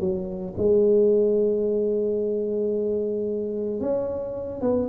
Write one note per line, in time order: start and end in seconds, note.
0.00 0.54 F#3
0.57 3.80 G#3
3.80 4.61 C#4
4.61 4.88 B3